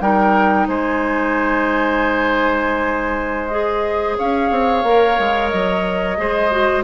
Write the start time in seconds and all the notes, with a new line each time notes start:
0.00 G3 D#4 A#4 G5
0.67 G#3 C5 G#5
3.48 G#4 D#5
4.18 C#4 C#5 F5
4.50 C4
4.83 A#3 A#4
5.19 G#3
5.49 F#3 D#5
6.17 G#3 G#4 C5
6.51 F#4